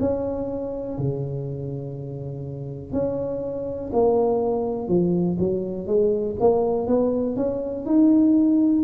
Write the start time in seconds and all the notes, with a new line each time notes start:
0.00 C#4
0.98 C#3
2.92 C#4
3.93 A#3
4.88 F3
5.39 F#3
5.87 G#3
6.40 A#3
6.88 B3
7.36 C#4
7.86 D#4